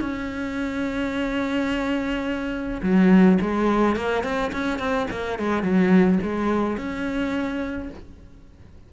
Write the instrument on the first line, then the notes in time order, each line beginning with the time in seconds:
cello
0.00 C#4
2.82 F#3
3.41 G#3
3.95 A#3
4.23 C4
4.52 C#4
4.79 C4
5.11 A#3
5.38 G#3
5.62 F#3
6.22 G#3
6.77 C#4